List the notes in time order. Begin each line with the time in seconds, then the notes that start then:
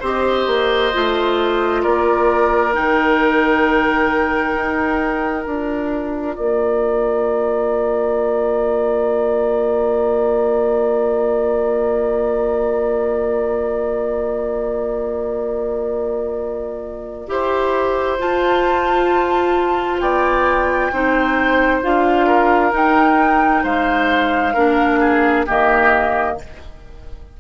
0.00 C4 G4 C5
0.06 D#5
0.47 A#3
0.93 A3 F4
1.83 A#3 A#4 D5
2.73 D#3 D#4 G5
4.55 D#4
5.44 D4 F4 A#5
6.36 A#3 D5
17.27 E4 G4 C5
18.19 F4 A5
20.00 B3 D5 G5
20.92 C4 D#4 C5
21.83 D4 F4 F5
22.27 A#4
22.71 D#4 G5
23.63 G#3 C5 F5
24.54 A#3 D4 A#4
25.00 G#4
25.46 D#3 A#3 G4 D#5